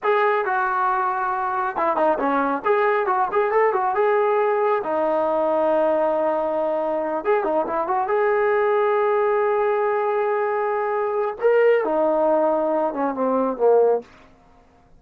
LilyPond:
\new Staff \with { instrumentName = "trombone" } { \time 4/4 \tempo 4 = 137 gis'4 fis'2. | e'8 dis'8 cis'4 gis'4 fis'8 gis'8 | a'8 fis'8 gis'2 dis'4~ | dis'1~ |
dis'8 gis'8 dis'8 e'8 fis'8 gis'4.~ | gis'1~ | gis'2 ais'4 dis'4~ | dis'4. cis'8 c'4 ais4 | }